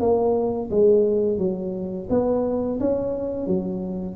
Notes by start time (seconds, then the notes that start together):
0.00 A#3
0.70 G#3
1.38 F#3
2.10 B3
2.80 C#4
3.47 F#3